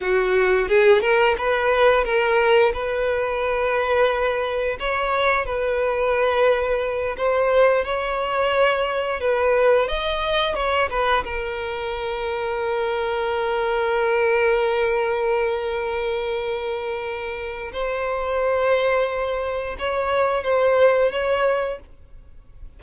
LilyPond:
\new Staff \with { instrumentName = "violin" } { \time 4/4 \tempo 4 = 88 fis'4 gis'8 ais'8 b'4 ais'4 | b'2. cis''4 | b'2~ b'8 c''4 cis''8~ | cis''4. b'4 dis''4 cis''8 |
b'8 ais'2.~ ais'8~ | ais'1~ | ais'2 c''2~ | c''4 cis''4 c''4 cis''4 | }